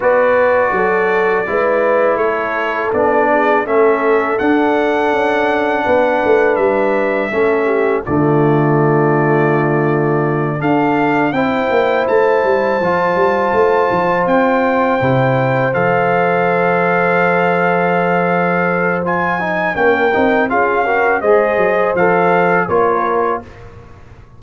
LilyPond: <<
  \new Staff \with { instrumentName = "trumpet" } { \time 4/4 \tempo 4 = 82 d''2. cis''4 | d''4 e''4 fis''2~ | fis''4 e''2 d''4~ | d''2~ d''8 f''4 g''8~ |
g''8 a''2. g''8~ | g''4. f''2~ f''8~ | f''2 gis''4 g''4 | f''4 dis''4 f''4 cis''4 | }
  \new Staff \with { instrumentName = "horn" } { \time 4/4 b'4 a'4 b'4 a'4~ | a'8 gis'8 a'2. | b'2 a'8 g'8 f'4~ | f'2~ f'8 a'4 c''8~ |
c''1~ | c''1~ | c''2. ais'4 | gis'8 ais'8 c''2 ais'4 | }
  \new Staff \with { instrumentName = "trombone" } { \time 4/4 fis'2 e'2 | d'4 cis'4 d'2~ | d'2 cis'4 a4~ | a2~ a8 d'4 e'8~ |
e'4. f'2~ f'8~ | f'8 e'4 a'2~ a'8~ | a'2 f'8 dis'8 cis'8 dis'8 | f'8 fis'8 gis'4 a'4 f'4 | }
  \new Staff \with { instrumentName = "tuba" } { \time 4/4 b4 fis4 gis4 a4 | b4 a4 d'4 cis'4 | b8 a8 g4 a4 d4~ | d2~ d8 d'4 c'8 |
ais8 a8 g8 f8 g8 a8 f8 c'8~ | c'8 c4 f2~ f8~ | f2. ais8 c'8 | cis'4 gis8 fis8 f4 ais4 | }
>>